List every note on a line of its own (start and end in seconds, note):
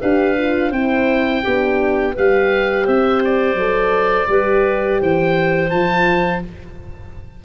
0.00 0.71 D4
0.00 0.36 G4
0.00 0.70 B4
0.00 0.72 F5
0.38 0.73 F4
0.70 1.42 C4
0.70 1.44 E4
0.70 1.42 C5
0.70 2.15 G5
1.43 2.17 B3
1.43 2.16 D4
1.43 2.14 G4
2.14 2.87 G3
2.14 3.58 G4
2.14 2.84 B4
2.14 2.87 F5
2.84 3.54 C4
2.84 4.27 C5
2.84 3.23 E5
3.24 5.02 D5
3.54 4.26 F#3
3.54 4.28 A4
4.28 5.00 G3
4.28 5.70 G4
4.28 5.00 B4
5.00 5.73 E3
5.00 6.42 C5
5.00 5.70 G5
5.70 6.44 F3
5.70 6.42 F4
5.70 6.41 A5